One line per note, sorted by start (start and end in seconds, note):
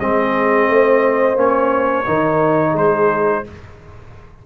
0.00 0.68 G#3
0.00 1.36 C4
0.00 0.69 G#4
0.00 1.38 D#5
0.68 1.36 A3
0.68 2.07 C5
1.36 2.05 A#3
1.36 2.05 C#4
1.36 2.77 C#5
2.06 2.75 D#3
2.06 3.44 D#4
2.06 2.71 A#4
2.71 3.44 G#3
2.71 3.40 G#4
2.77 3.46 C5